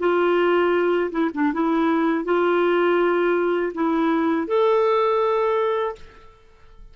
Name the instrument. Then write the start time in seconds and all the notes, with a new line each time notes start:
clarinet
0.00 F4
1.12 E4
1.35 D4
1.54 E4
2.25 F4
3.75 E4
4.48 A4